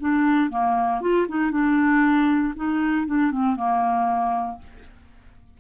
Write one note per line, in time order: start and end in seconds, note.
0.00 0.50 D4
0.50 1.01 A#3
1.01 1.27 F4
1.28 1.52 D#4
1.52 2.54 D4
2.56 3.07 D#4
3.07 3.32 D4
3.32 3.56 C4
3.56 4.59 A#3